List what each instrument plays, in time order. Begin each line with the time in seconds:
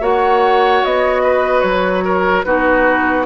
0.00 bassoon A#3, clarinet F#4, oboe C#5, flute F#5
0.84 bassoon B3, flute D#5
1.23 oboe B4
1.60 bassoon F#3, flute C#5
2.04 oboe A#4
2.43 bassoon B3, clarinet D#4, oboe F#4, flute B4